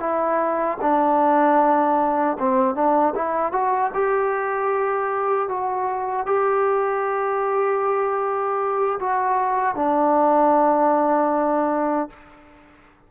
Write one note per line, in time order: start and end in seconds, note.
0.00 0.78 E4
0.81 2.37 D4
2.39 2.75 C4
2.75 3.14 D4
3.15 3.52 E4
3.52 3.91 F#4
3.94 5.49 G4
5.49 6.26 F#4
6.26 8.99 G4
9.00 9.75 F#4
9.75 12.09 D4